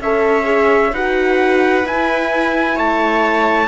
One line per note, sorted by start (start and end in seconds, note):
0.00 0.92 C#4
0.00 0.44 A4
0.00 0.92 C#5
0.00 0.94 E5
0.44 0.90 G#4
0.92 1.85 D#4
0.92 1.84 F#4
0.92 2.76 B4
0.92 1.86 F#5
1.84 3.68 E4
1.84 2.77 E4
1.84 2.78 G#5
2.76 3.68 A3
2.76 3.68 C#5
2.76 3.68 A5